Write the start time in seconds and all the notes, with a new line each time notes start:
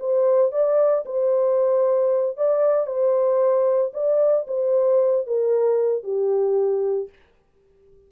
0.00 C5
0.52 D5
1.06 C5
2.37 D5
2.87 C5
3.94 D5
4.48 C5
5.27 A#4
6.04 G4